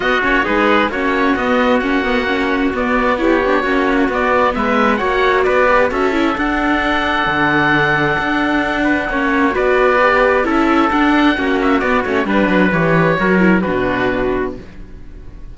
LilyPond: <<
  \new Staff \with { instrumentName = "oboe" } { \time 4/4 \tempo 4 = 132 dis''8 cis''8 b'4 cis''4 dis''4 | fis''2 d''4 cis''4~ | cis''4 d''4 e''4 fis''4 | d''4 e''4 fis''2~ |
fis''1~ | fis''4 d''2 e''4 | fis''4. e''8 d''8 cis''8 b'4 | cis''2 b'2 | }
  \new Staff \with { instrumentName = "trumpet" } { \time 4/4 fis'4 gis'4 fis'2~ | fis'2. g'4 | fis'2 b'4 cis''4 | b'4 a'2.~ |
a'2.~ a'8 b'8 | cis''4 b'2 a'4~ | a'4 fis'2 b'4~ | b'4 ais'4 fis'2 | }
  \new Staff \with { instrumentName = "viola" } { \time 4/4 b8 cis'8 dis'4 cis'4 b4 | cis'8 b8 cis'4 b4 e'8 d'8 | cis'4 b2 fis'4~ | fis'8 g'8 fis'8 e'8 d'2~ |
d'1 | cis'4 fis'4 g'4 e'4 | d'4 cis'4 b8 cis'8 d'4 | g'4 fis'8 e'8 d'2 | }
  \new Staff \with { instrumentName = "cello" } { \time 4/4 b8 ais8 gis4 ais4 b4 | ais2 b2 | ais4 b4 gis4 ais4 | b4 cis'4 d'2 |
d2 d'2 | ais4 b2 cis'4 | d'4 ais4 b8 a8 g8 fis8 | e4 fis4 b,2 | }
>>